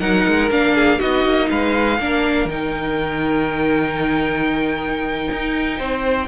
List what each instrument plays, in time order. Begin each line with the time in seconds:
0.00 cello F#3, viola D#4, violin A#4 F#5
0.28 cello G#3
0.51 cello A#3, viola D4, violin F5
0.75 violin G#4
0.99 cello B3, viola D#4, violin F#4 D#5
1.25 cello A#3
1.50 cello G#3, violin B4 F5
1.99 cello A#3, viola D4, violin A#4
2.45 cello D#3, viola D#4, violin G5
5.32 cello D#4
5.79 cello C4, violin C5